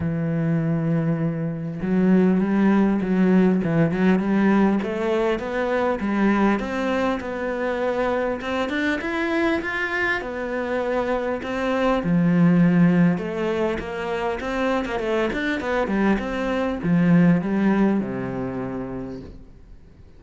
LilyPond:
\new Staff \with { instrumentName = "cello" } { \time 4/4 \tempo 4 = 100 e2. fis4 | g4 fis4 e8 fis8 g4 | a4 b4 g4 c'4 | b2 c'8 d'8 e'4 |
f'4 b2 c'4 | f2 a4 ais4 | c'8. ais16 a8 d'8 b8 g8 c'4 | f4 g4 c2 | }